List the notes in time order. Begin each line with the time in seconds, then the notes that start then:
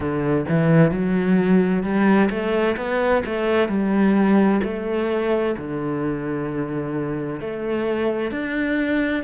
0.00 D3
0.49 E3
0.91 F#3
1.83 G3
2.30 A3
2.77 B3
3.25 A3
3.68 G3
4.63 A3
5.57 D3
7.40 A3
8.31 D4